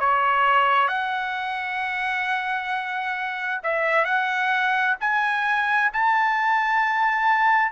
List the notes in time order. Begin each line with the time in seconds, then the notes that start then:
0.00 C#5
0.88 F#5
3.64 E5
4.05 F#5
5.01 G#5
5.93 A5